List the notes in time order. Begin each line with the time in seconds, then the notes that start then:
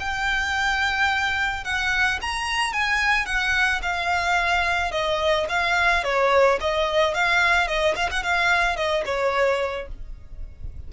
0.00 G5
1.64 F#5
2.21 A#5
2.73 G#5
3.26 F#5
3.82 F5
4.91 D#5
5.49 F5
6.04 C#5
6.61 D#5
7.14 F5
7.67 D#5
7.96 F5
8.11 F#5
8.23 F5
8.76 D#5
9.05 C#5